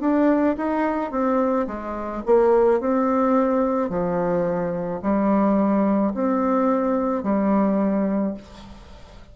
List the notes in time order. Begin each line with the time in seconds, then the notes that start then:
0.00 D4
0.57 D#4
1.11 C4
1.67 G#3
2.26 A#3
2.80 C4
3.89 F3
5.02 G3
6.14 C4
7.23 G3